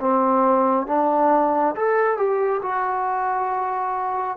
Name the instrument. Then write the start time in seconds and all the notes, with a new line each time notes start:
trombone
0.00 C4
0.86 D4
1.75 A4
2.17 G4
2.62 F#4